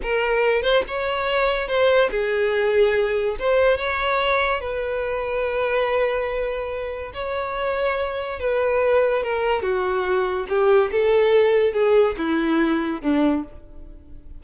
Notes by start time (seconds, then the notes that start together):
0.02 A#4
0.62 C5
0.87 C#5
1.67 C5
2.10 G#4
3.39 C5
3.77 C#5
4.60 B4
7.13 C#5
8.39 B4
9.23 A#4
9.62 F#4
10.48 G4
10.91 A4
11.73 G#4
12.17 E4
13.01 D4